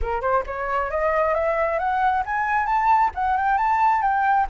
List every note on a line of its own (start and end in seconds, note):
0.01 0.21 A#4
0.21 0.43 C5
0.46 0.90 C#5
0.90 1.34 D#5
1.34 1.78 E5
1.78 2.23 F#5
2.25 2.66 G#5
2.66 3.11 A5
3.14 3.37 F#5
3.37 3.57 G5
3.57 4.02 A5
4.02 4.46 G5